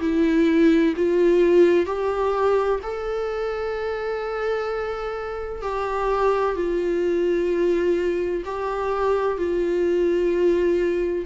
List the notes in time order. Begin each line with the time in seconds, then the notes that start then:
0.00 E4
0.96 F4
1.86 G4
2.83 A4
5.62 G4
6.55 F4
8.45 G4
9.37 F4